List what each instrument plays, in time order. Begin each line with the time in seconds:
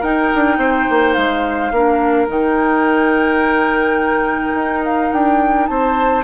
0.00 bassoon D#4, clarinet D#4, oboe A#4, flute G5
0.34 bassoon D4
0.57 bassoon C4, oboe C5
0.89 bassoon A#3
1.13 bassoon G#3, flute F5
1.71 bassoon A#3, clarinet D4, oboe A#4
2.27 bassoon D#3, clarinet D#4, flute G5
4.54 bassoon D#4
4.84 flute F5
5.12 bassoon D4, flute G5
5.67 bassoon C4, oboe C5, flute A5